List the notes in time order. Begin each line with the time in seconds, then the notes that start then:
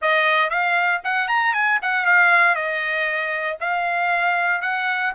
0.01 D#5
0.49 F5
1.04 F#5
1.28 A#5
1.53 G#5
1.81 F#5
2.05 F5
2.55 D#5
3.60 F5
4.61 F#5